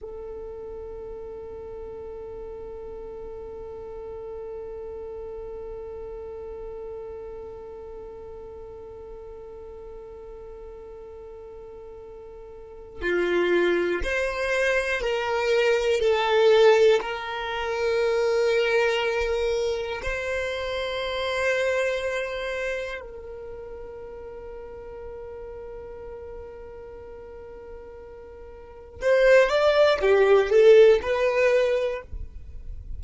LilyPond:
\new Staff \with { instrumentName = "violin" } { \time 4/4 \tempo 4 = 60 a'1~ | a'1~ | a'1~ | a'4 f'4 c''4 ais'4 |
a'4 ais'2. | c''2. ais'4~ | ais'1~ | ais'4 c''8 d''8 g'8 a'8 b'4 | }